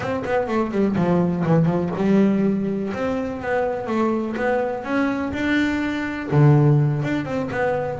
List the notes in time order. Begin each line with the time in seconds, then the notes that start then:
0.00 C4
0.25 B3
0.47 A3
0.71 G3
0.96 F3
1.45 E3
1.65 F3
1.96 G3
2.93 C4
3.41 B3
3.86 A3
4.36 B3
4.83 C#4
5.32 D4
6.31 D3
7.03 D4
7.25 C4
7.51 B3